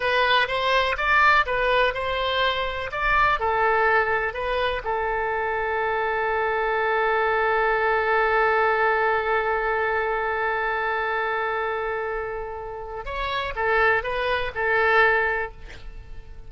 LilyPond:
\new Staff \with { instrumentName = "oboe" } { \time 4/4 \tempo 4 = 124 b'4 c''4 d''4 b'4 | c''2 d''4 a'4~ | a'4 b'4 a'2~ | a'1~ |
a'1~ | a'1~ | a'2. cis''4 | a'4 b'4 a'2 | }